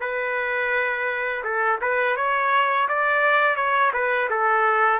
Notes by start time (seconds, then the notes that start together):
0.00 B4
1.44 A4
1.81 B4
2.16 C#5
2.88 D5
3.56 C#5
3.93 B4
4.30 A4